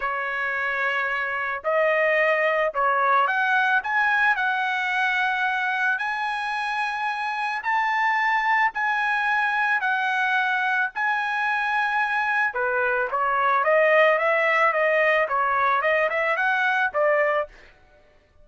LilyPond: \new Staff \with { instrumentName = "trumpet" } { \time 4/4 \tempo 4 = 110 cis''2. dis''4~ | dis''4 cis''4 fis''4 gis''4 | fis''2. gis''4~ | gis''2 a''2 |
gis''2 fis''2 | gis''2. b'4 | cis''4 dis''4 e''4 dis''4 | cis''4 dis''8 e''8 fis''4 d''4 | }